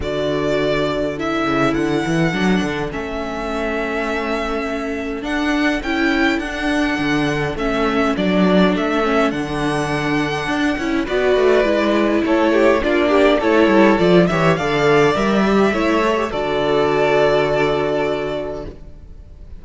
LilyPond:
<<
  \new Staff \with { instrumentName = "violin" } { \time 4/4 \tempo 4 = 103 d''2 e''4 fis''4~ | fis''4 e''2.~ | e''4 fis''4 g''4 fis''4~ | fis''4 e''4 d''4 e''4 |
fis''2. d''4~ | d''4 cis''4 d''4 cis''4 | d''8 e''8 f''4 e''2 | d''1 | }
  \new Staff \with { instrumentName = "violin" } { \time 4/4 a'1~ | a'1~ | a'1~ | a'1~ |
a'2. b'4~ | b'4 a'8 g'8 f'8 g'8 a'4~ | a'8 cis''8 d''2 cis''4 | a'1 | }
  \new Staff \with { instrumentName = "viola" } { \time 4/4 fis'2 e'2 | d'4 cis'2.~ | cis'4 d'4 e'4 d'4~ | d'4 cis'4 d'4. cis'8 |
d'2~ d'8 e'8 fis'4 | e'2 d'4 e'4 | f'8 g'8 a'4 ais'8 g'8 e'8 a'16 g'16 | fis'1 | }
  \new Staff \with { instrumentName = "cello" } { \time 4/4 d2~ d8 cis8 d8 e8 | fis8 d8 a2.~ | a4 d'4 cis'4 d'4 | d4 a4 fis4 a4 |
d2 d'8 cis'8 b8 a8 | gis4 a4 ais4 a8 g8 | f8 e8 d4 g4 a4 | d1 | }
>>